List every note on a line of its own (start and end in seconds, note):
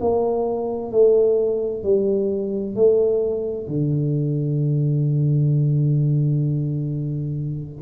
0.00 0.91 A#3
0.91 1.83 A3
1.83 2.76 G3
2.76 3.67 A3
3.67 7.82 D3